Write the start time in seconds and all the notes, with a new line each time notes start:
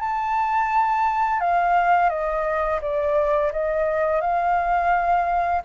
0.00 A5
1.40 F5
2.09 D#5
2.81 D5
3.52 D#5
4.21 F5